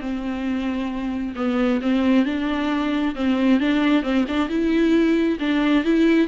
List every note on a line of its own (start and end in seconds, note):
0.00 1.34 C4
1.35 1.80 B3
1.82 2.25 C4
2.25 3.15 D4
3.15 3.60 C4
3.60 4.03 D4
4.03 4.25 C4
4.28 4.49 D4
4.49 5.38 E4
5.40 5.84 D4
5.84 6.27 E4